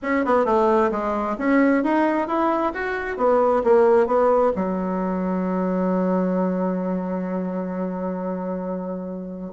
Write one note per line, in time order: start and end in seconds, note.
0.02 0.25 C#4
0.25 0.45 B3
0.45 0.90 A3
0.91 1.36 G#3
1.38 1.83 C#4
1.83 2.27 D#4
2.27 2.73 E4
2.73 3.17 F#4
3.17 3.62 B3
3.64 4.06 A#3
4.06 4.52 B3
4.55 9.53 F#3